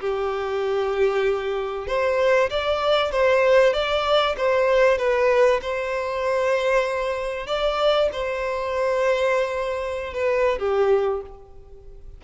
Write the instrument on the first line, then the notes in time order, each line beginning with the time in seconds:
violin
0.00 G4
1.87 C5
2.50 D5
3.11 C5
3.73 D5
4.37 C5
4.97 B4
5.61 C5
7.46 D5
8.12 C5
10.13 B4
10.59 G4